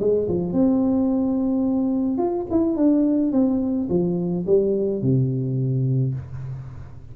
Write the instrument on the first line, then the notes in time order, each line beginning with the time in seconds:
tuba
0.00 G#3
0.28 F3
0.53 C4
2.18 F4
2.51 E4
2.76 D4
3.32 C4
3.89 F3
4.47 G3
5.02 C3